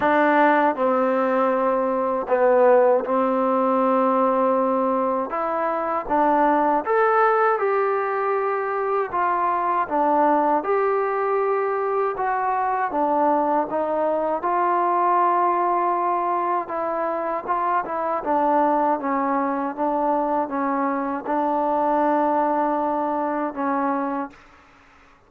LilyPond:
\new Staff \with { instrumentName = "trombone" } { \time 4/4 \tempo 4 = 79 d'4 c'2 b4 | c'2. e'4 | d'4 a'4 g'2 | f'4 d'4 g'2 |
fis'4 d'4 dis'4 f'4~ | f'2 e'4 f'8 e'8 | d'4 cis'4 d'4 cis'4 | d'2. cis'4 | }